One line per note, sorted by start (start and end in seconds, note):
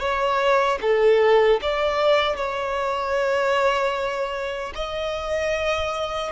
0.00 0.79 C#5
0.82 1.61 A4
1.62 2.37 D5
2.37 4.74 C#5
4.75 6.32 D#5